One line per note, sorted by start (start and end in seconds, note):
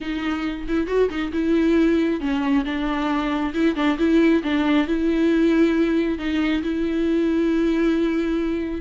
0.00 0.66 D#4
0.68 0.87 E4
0.87 1.09 F#4
1.09 1.31 D#4
1.32 2.20 E4
2.20 2.64 C#4
2.65 3.53 D4
3.54 3.75 E4
3.75 3.97 D4
3.98 4.42 E4
4.43 4.87 D4
4.87 6.18 E4
6.18 6.62 D#4
6.62 8.81 E4